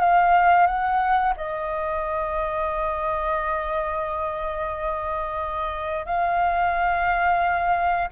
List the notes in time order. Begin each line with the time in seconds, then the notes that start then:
0.00 F5
0.66 F#5
1.36 D#5
6.06 F5